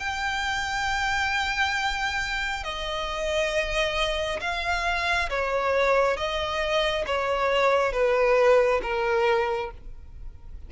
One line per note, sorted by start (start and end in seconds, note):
0.00 2.64 G5
2.64 4.40 D#5
4.41 5.29 F5
5.30 6.17 C#5
6.17 7.05 D#5
7.07 7.93 C#5
7.93 8.81 B4
8.83 9.71 A#4